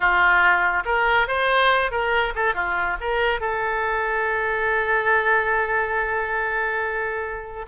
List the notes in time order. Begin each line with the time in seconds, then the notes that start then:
0.00 F4
0.85 A#4
1.27 C5
1.91 A#4
2.35 A4
2.54 F4
3.00 A#4
3.40 A4